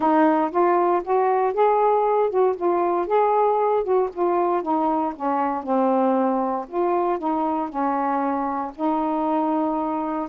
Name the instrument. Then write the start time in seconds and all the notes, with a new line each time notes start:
saxophone
0.00 D#4
0.51 F4
1.04 F#4
1.53 G#4
2.30 F#4
2.56 F4
3.06 G#4
3.83 F#4
4.13 F4
4.62 D#4
5.15 C#4
5.63 C4
6.67 F4
7.18 D#4
7.69 C#4
8.75 D#4